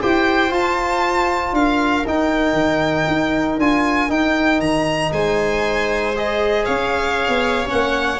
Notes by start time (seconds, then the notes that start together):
0.00 E4 G4 C5 G5
0.50 F4 A5
1.53 D4 A#4 F5
2.05 D#4 G5
2.53 D#3
3.07 D#4
3.58 D4 F4 G#5
4.09 D#4 G5
4.59 D#3 A#5
5.12 G#3 C5 G#5
6.15 G#4 D#5
6.65 C#4 C#5 F5
7.28 B3
7.66 A#3 C#4 F#5